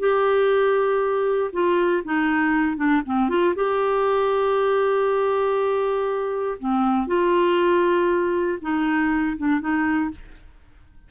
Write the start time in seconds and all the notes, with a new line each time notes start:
0.00 G4
1.53 F4
2.05 D#4
2.77 D4
3.06 C4
3.30 F4
3.56 G4
6.59 C4
7.08 F4
8.62 D#4
9.38 D4
9.61 D#4